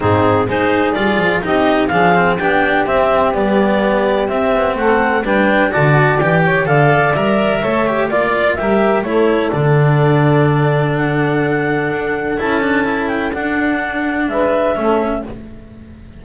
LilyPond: <<
  \new Staff \with { instrumentName = "clarinet" } { \time 4/4 \tempo 4 = 126 gis'4 c''4 d''4 dis''4 | f''4 g''4 e''4 d''4~ | d''4 e''4 fis''4 g''4 | a''4 g''4 f''4 e''4~ |
e''4 d''4 e''4 cis''4 | d''2. fis''4~ | fis''2 a''4. g''8 | fis''2 e''2 | }
  \new Staff \with { instrumentName = "saxophone" } { \time 4/4 dis'4 gis'2 g'4 | gis'4 g'2.~ | g'2 a'4 b'4 | d''4. cis''8 d''2 |
cis''4 d''4 ais'4 a'4~ | a'1~ | a'1~ | a'2 b'4 a'4 | }
  \new Staff \with { instrumentName = "cello" } { \time 4/4 c'4 dis'4 f'4 dis'4 | d'8 c'8 d'4 c'4 b4~ | b4 c'2 d'4 | fis'4 g'4 a'4 ais'4 |
a'8 g'8 f'4 g'4 e'4 | d'1~ | d'2 e'8 d'8 e'4 | d'2. cis'4 | }
  \new Staff \with { instrumentName = "double bass" } { \time 4/4 gis,4 gis4 g8 f8 c'4 | f4 b4 c'4 g4~ | g4 c'8 b8 a4 g4 | d4 e4 d4 g4 |
a4 ais4 g4 a4 | d1~ | d4 d'4 cis'2 | d'2 gis4 a4 | }
>>